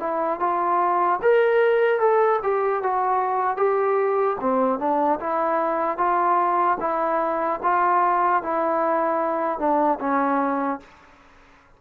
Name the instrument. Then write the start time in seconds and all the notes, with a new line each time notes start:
trombone
0.00 E4
0.40 F4
1.22 A#4
2.00 A4
2.43 G4
2.83 F#4
3.57 G4
4.41 C4
4.80 D4
5.20 E4
5.98 F4
6.80 E4
7.63 F4
8.43 E4
9.59 D4
10.00 C#4